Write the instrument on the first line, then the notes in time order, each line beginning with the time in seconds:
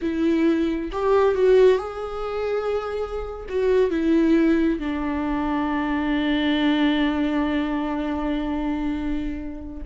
viola
0.01 E4
0.92 G4
1.34 F#4
1.78 G#4
3.48 F#4
3.90 E4
4.79 D4